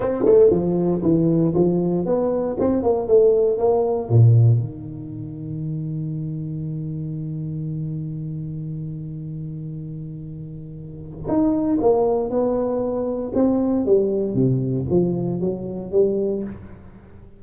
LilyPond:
\new Staff \with { instrumentName = "tuba" } { \time 4/4 \tempo 4 = 117 c'8 a8 f4 e4 f4 | b4 c'8 ais8 a4 ais4 | ais,4 dis2.~ | dis1~ |
dis1~ | dis2 dis'4 ais4 | b2 c'4 g4 | c4 f4 fis4 g4 | }